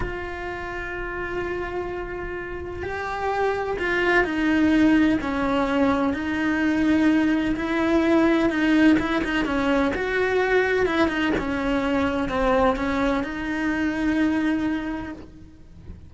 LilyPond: \new Staff \with { instrumentName = "cello" } { \time 4/4 \tempo 4 = 127 f'1~ | f'2 g'2 | f'4 dis'2 cis'4~ | cis'4 dis'2. |
e'2 dis'4 e'8 dis'8 | cis'4 fis'2 e'8 dis'8 | cis'2 c'4 cis'4 | dis'1 | }